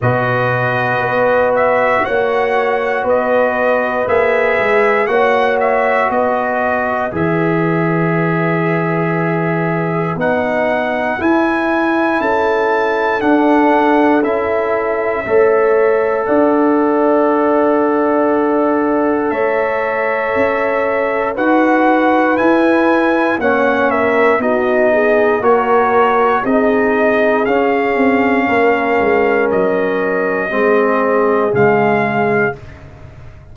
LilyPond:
<<
  \new Staff \with { instrumentName = "trumpet" } { \time 4/4 \tempo 4 = 59 dis''4. e''8 fis''4 dis''4 | e''4 fis''8 e''8 dis''4 e''4~ | e''2 fis''4 gis''4 | a''4 fis''4 e''2 |
fis''2. e''4~ | e''4 fis''4 gis''4 fis''8 e''8 | dis''4 cis''4 dis''4 f''4~ | f''4 dis''2 f''4 | }
  \new Staff \with { instrumentName = "horn" } { \time 4/4 b'2 cis''4 b'4~ | b'4 cis''4 b'2~ | b'1 | a'2. cis''4 |
d''2. cis''4~ | cis''4 b'2 cis''8 ais'8 | fis'8 gis'8 ais'4 gis'2 | ais'2 gis'2 | }
  \new Staff \with { instrumentName = "trombone" } { \time 4/4 fis'1 | gis'4 fis'2 gis'4~ | gis'2 dis'4 e'4~ | e'4 d'4 e'4 a'4~ |
a'1~ | a'4 fis'4 e'4 cis'4 | dis'4 fis'4 dis'4 cis'4~ | cis'2 c'4 gis4 | }
  \new Staff \with { instrumentName = "tuba" } { \time 4/4 b,4 b4 ais4 b4 | ais8 gis8 ais4 b4 e4~ | e2 b4 e'4 | cis'4 d'4 cis'4 a4 |
d'2. a4 | cis'4 dis'4 e'4 ais4 | b4 ais4 c'4 cis'8 c'8 | ais8 gis8 fis4 gis4 cis4 | }
>>